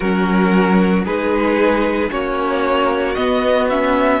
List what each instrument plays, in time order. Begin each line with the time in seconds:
0.00 cello F#3, viola C#4, violin F#4 A#4
1.05 cello G#3, viola D#4, violin G#4 B4
2.10 cello A#3, viola C#4, violin F#4 C#5
3.14 viola B3, cello B3, violin D#5
3.69 viola C#4, violin E5